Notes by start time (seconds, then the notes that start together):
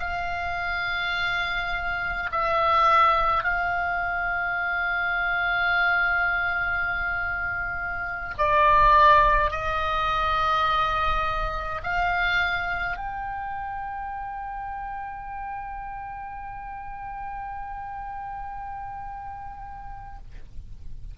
0.00 F5
2.32 E5
3.44 F5
8.39 D5
9.51 D#5
11.84 F5
12.98 G5